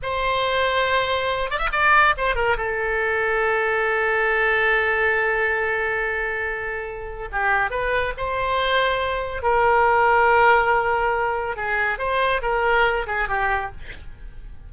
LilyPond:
\new Staff \with { instrumentName = "oboe" } { \time 4/4 \tempo 4 = 140 c''2.~ c''8 d''16 e''16 | d''4 c''8 ais'8 a'2~ | a'1~ | a'1~ |
a'4 g'4 b'4 c''4~ | c''2 ais'2~ | ais'2. gis'4 | c''4 ais'4. gis'8 g'4 | }